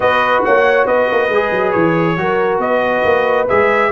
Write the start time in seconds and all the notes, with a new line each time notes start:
0.00 B3 F#4 B4 D#5
0.44 A#3 C#5 F#5
0.86 B3 B4 D#5
1.11 A#3
1.28 G#3 G#4
1.51 F#3
1.71 E3 C#5
2.16 F#3 F#4 A#4
2.58 B3 B4 D#5
3.04 A#3
3.48 G#3 G#4 E5